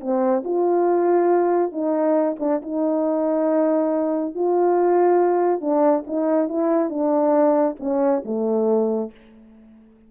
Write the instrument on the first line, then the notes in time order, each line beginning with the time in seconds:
horn
0.00 C4
0.44 F4
1.71 D#4
2.40 D4
2.62 D#4
4.35 F4
5.61 D4
6.07 D#4
6.48 E4
6.89 D4
7.80 C#4
8.24 A3